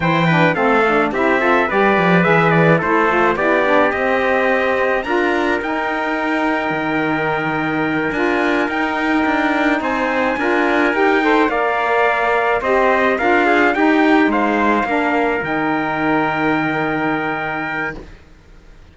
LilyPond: <<
  \new Staff \with { instrumentName = "trumpet" } { \time 4/4 \tempo 4 = 107 g''4 f''4 e''4 d''4 | e''8 d''8 c''4 d''4 dis''4~ | dis''4 ais''4 g''2~ | g''2~ g''8 gis''4 g''8~ |
g''4. gis''2 g''8~ | g''8 f''2 dis''4 f''8~ | f''8 g''4 f''2 g''8~ | g''1 | }
  \new Staff \with { instrumentName = "trumpet" } { \time 4/4 c''8 b'8 a'4 g'8 a'8 b'4~ | b'4 a'4 g'2~ | g'4 ais'2.~ | ais'1~ |
ais'4. c''4 ais'4. | c''8 d''2 c''4 ais'8 | gis'8 g'4 c''4 ais'4.~ | ais'1 | }
  \new Staff \with { instrumentName = "saxophone" } { \time 4/4 e'8 d'8 c'8 d'8 e'8 f'8 g'4 | gis'4 e'8 f'8 e'8 d'8 c'4~ | c'4 f'4 dis'2~ | dis'2~ dis'8 f'4 dis'8~ |
dis'2~ dis'8 f'4 g'8 | a'8 ais'2 g'4 f'8~ | f'8 dis'2 d'4 dis'8~ | dis'1 | }
  \new Staff \with { instrumentName = "cello" } { \time 4/4 e4 a4 c'4 g8 f8 | e4 a4 b4 c'4~ | c'4 d'4 dis'2 | dis2~ dis8 d'4 dis'8~ |
dis'8 d'4 c'4 d'4 dis'8~ | dis'8 ais2 c'4 d'8~ | d'8 dis'4 gis4 ais4 dis8~ | dis1 | }
>>